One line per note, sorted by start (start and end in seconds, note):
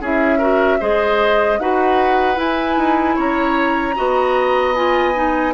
0.00 0.79 C#4
0.00 0.39 E4
0.00 0.38 G#4
0.00 0.83 E5
0.38 0.79 F#4
0.38 0.77 A#4
0.80 1.59 G#3
0.80 1.59 G#4
0.80 1.59 C5
0.80 1.60 D#5
1.59 2.37 D#4
1.59 2.35 F#4
1.59 3.15 B4
1.59 2.38 F#5
2.35 3.93 E4
2.35 2.77 E4
2.35 3.18 G#5
2.77 3.16 D#4
3.15 3.97 C#4
3.15 3.94 C#5
3.15 4.75 A#5
3.95 5.54 B3
3.95 4.74 F#4
3.95 5.54 D#5
4.75 5.14 F4
4.75 5.54 G#5
5.14 5.53 D#4